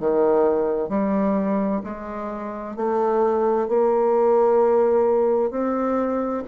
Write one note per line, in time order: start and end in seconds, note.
0.00 0.89 D#3
0.89 1.82 G3
1.84 2.77 G#3
2.77 3.68 A3
3.68 5.51 A#3
5.51 6.43 C4